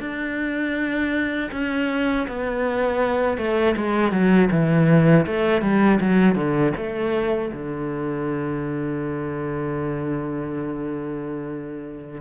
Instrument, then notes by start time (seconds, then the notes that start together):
cello
0.00 D4
1.51 C#4
2.28 B3
3.37 A3
3.76 G#3
4.11 F#3
4.51 E3
5.26 A3
5.61 G3
6.00 F#3
6.35 D3
6.76 A3
7.52 D3